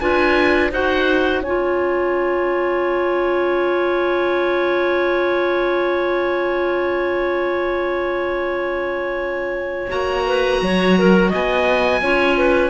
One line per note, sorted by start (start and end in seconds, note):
0.00 0.71 D4
0.00 0.71 F4
0.00 0.71 B4
0.00 0.71 G#5
0.71 1.41 D#4
0.71 1.43 F#4
0.71 1.42 C5
0.71 1.44 F#5
1.41 9.89 C#4
1.41 9.89 F4
1.41 10.25 C#5
1.41 9.90 G#5
9.89 10.61 A#3
9.89 12.01 F#4
9.89 11.32 A#5
10.26 10.61 B4
10.62 11.32 F#3
10.62 10.99 C#5
10.99 11.29 A#4
11.29 12.01 B3
11.29 12.00 D#5
11.29 12.70 G#5
12.01 12.70 C#4
12.01 12.70 F4
12.01 12.38 C#5
12.38 12.70 B4